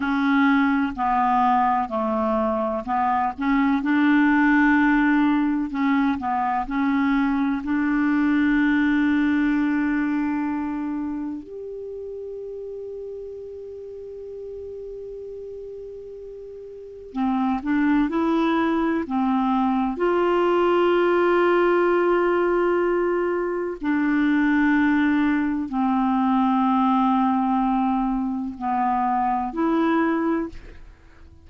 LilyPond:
\new Staff \with { instrumentName = "clarinet" } { \time 4/4 \tempo 4 = 63 cis'4 b4 a4 b8 cis'8 | d'2 cis'8 b8 cis'4 | d'1 | g'1~ |
g'2 c'8 d'8 e'4 | c'4 f'2.~ | f'4 d'2 c'4~ | c'2 b4 e'4 | }